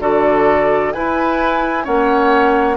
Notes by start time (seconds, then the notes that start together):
0.00 D3 F#4 A4 D5
0.93 E4 B4 G#5
1.85 A#3 C#4 C#5 F#5